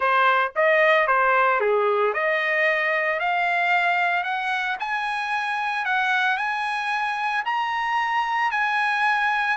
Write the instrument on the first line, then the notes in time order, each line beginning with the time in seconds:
trumpet
0.00 C5
0.55 D#5
1.07 C5
1.60 G#4
2.13 D#5
3.19 F5
4.23 F#5
4.79 G#5
5.85 F#5
6.37 G#5
7.45 A#5
8.51 G#5